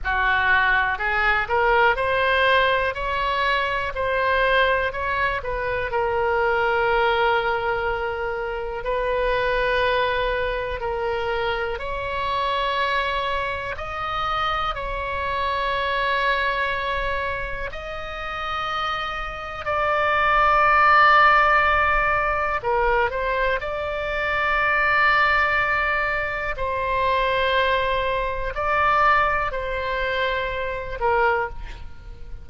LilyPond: \new Staff \with { instrumentName = "oboe" } { \time 4/4 \tempo 4 = 61 fis'4 gis'8 ais'8 c''4 cis''4 | c''4 cis''8 b'8 ais'2~ | ais'4 b'2 ais'4 | cis''2 dis''4 cis''4~ |
cis''2 dis''2 | d''2. ais'8 c''8 | d''2. c''4~ | c''4 d''4 c''4. ais'8 | }